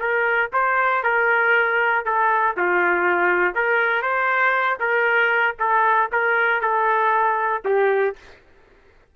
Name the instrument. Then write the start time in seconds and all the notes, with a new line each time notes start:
trumpet
0.00 A#4
0.53 C5
1.04 A#4
2.06 A4
2.57 F4
3.55 A#4
4.03 C5
4.80 A#4
5.60 A4
6.12 A#4
6.62 A4
7.65 G4